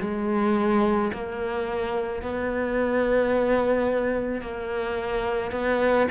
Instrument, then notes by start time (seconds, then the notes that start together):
cello
0.00 G#3
1.13 A#3
2.22 B3
4.41 A#3
5.51 B3